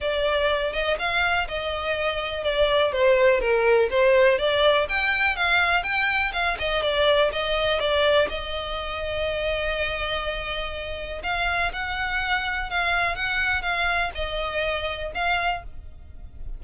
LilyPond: \new Staff \with { instrumentName = "violin" } { \time 4/4 \tempo 4 = 123 d''4. dis''8 f''4 dis''4~ | dis''4 d''4 c''4 ais'4 | c''4 d''4 g''4 f''4 | g''4 f''8 dis''8 d''4 dis''4 |
d''4 dis''2.~ | dis''2. f''4 | fis''2 f''4 fis''4 | f''4 dis''2 f''4 | }